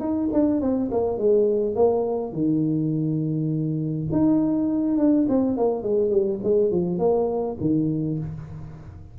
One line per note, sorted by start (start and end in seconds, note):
0.00 0.29 D#4
0.33 0.61 D4
0.61 0.91 C4
0.92 1.18 A#3
1.18 1.76 G#3
1.76 2.33 A#3
2.33 4.08 D#3
4.12 4.98 D#4
4.98 5.27 D4
5.29 5.58 C4
5.58 5.84 A#3
5.84 6.11 G#3
6.11 6.40 G3
6.44 6.71 G#3
6.71 6.99 F3
6.99 7.57 A#3
7.61 8.19 D#3